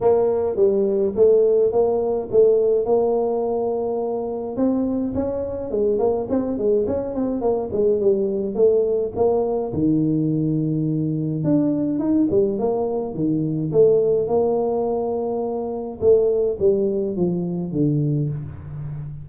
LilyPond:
\new Staff \with { instrumentName = "tuba" } { \time 4/4 \tempo 4 = 105 ais4 g4 a4 ais4 | a4 ais2. | c'4 cis'4 gis8 ais8 c'8 gis8 | cis'8 c'8 ais8 gis8 g4 a4 |
ais4 dis2. | d'4 dis'8 g8 ais4 dis4 | a4 ais2. | a4 g4 f4 d4 | }